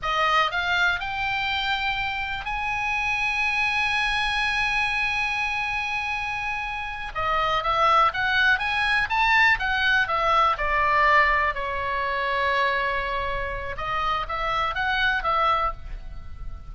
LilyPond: \new Staff \with { instrumentName = "oboe" } { \time 4/4 \tempo 4 = 122 dis''4 f''4 g''2~ | g''4 gis''2.~ | gis''1~ | gis''2~ gis''8 dis''4 e''8~ |
e''8 fis''4 gis''4 a''4 fis''8~ | fis''8 e''4 d''2 cis''8~ | cis''1 | dis''4 e''4 fis''4 e''4 | }